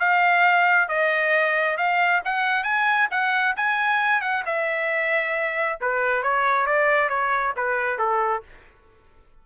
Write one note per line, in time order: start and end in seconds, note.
0.00 0.88 F5
0.88 1.77 D#5
1.78 2.22 F5
2.25 2.64 F#5
2.64 3.08 G#5
3.11 3.55 F#5
3.57 4.21 G#5
4.21 4.44 F#5
4.46 5.79 E5
5.81 6.23 B4
6.23 6.67 C#5
6.67 7.09 D5
7.09 7.54 C#5
7.57 7.99 B4
7.99 8.43 A4